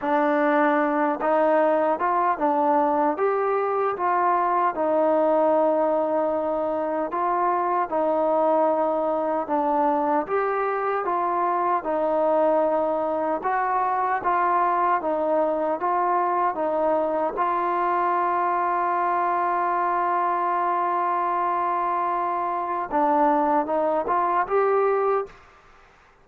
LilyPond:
\new Staff \with { instrumentName = "trombone" } { \time 4/4 \tempo 4 = 76 d'4. dis'4 f'8 d'4 | g'4 f'4 dis'2~ | dis'4 f'4 dis'2 | d'4 g'4 f'4 dis'4~ |
dis'4 fis'4 f'4 dis'4 | f'4 dis'4 f'2~ | f'1~ | f'4 d'4 dis'8 f'8 g'4 | }